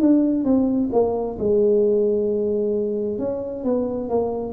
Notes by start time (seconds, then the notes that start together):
0.00 D4
0.44 C4
0.92 A#3
1.38 G#3
3.18 C#4
3.64 B3
4.09 A#3